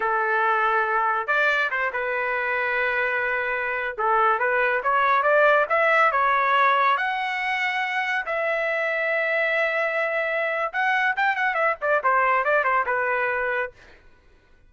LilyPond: \new Staff \with { instrumentName = "trumpet" } { \time 4/4 \tempo 4 = 140 a'2. d''4 | c''8 b'2.~ b'8~ | b'4~ b'16 a'4 b'4 cis''8.~ | cis''16 d''4 e''4 cis''4.~ cis''16~ |
cis''16 fis''2. e''8.~ | e''1~ | e''4 fis''4 g''8 fis''8 e''8 d''8 | c''4 d''8 c''8 b'2 | }